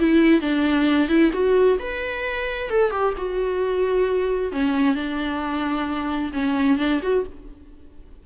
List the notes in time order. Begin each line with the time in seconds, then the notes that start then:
0.00 E4
0.41 D4
1.09 E4
1.33 F#4
1.79 B4
2.70 A4
2.91 G4
3.18 F#4
4.52 C#4
4.95 D4
6.33 C#4
6.79 D4
7.02 F#4